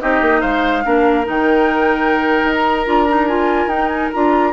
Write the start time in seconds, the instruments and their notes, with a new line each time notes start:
0.00 bassoon C4, clarinet D#4, oboe G4, flute D#5
0.22 bassoon A#3
0.41 bassoon G#3, oboe C5, flute F5
0.84 bassoon A#3, clarinet D4, oboe A#4
1.25 bassoon D#3, clarinet D#4, flute G5
2.44 bassoon D#4
2.53 flute A#5
2.86 bassoon D4, clarinet F4
3.09 clarinet D#4
3.28 clarinet F4, flute G#5
3.67 bassoon D#4, clarinet D#4, flute G5
3.88 flute G#5
4.13 bassoon D4, clarinet F4, flute A#5